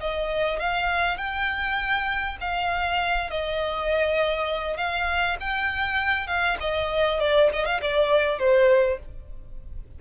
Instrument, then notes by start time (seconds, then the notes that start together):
violin
0.00 D#5
0.59 F5
1.17 G5
2.41 F5
3.30 D#5
4.77 F5
5.40 G5
6.27 F5
6.60 D#5
7.19 D5
7.53 D#5
7.65 F5
7.81 D5
8.39 C5